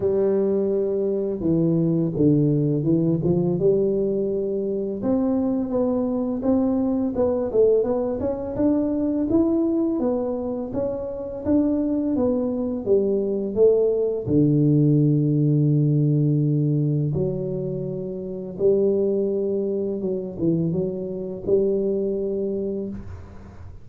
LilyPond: \new Staff \with { instrumentName = "tuba" } { \time 4/4 \tempo 4 = 84 g2 e4 d4 | e8 f8 g2 c'4 | b4 c'4 b8 a8 b8 cis'8 | d'4 e'4 b4 cis'4 |
d'4 b4 g4 a4 | d1 | fis2 g2 | fis8 e8 fis4 g2 | }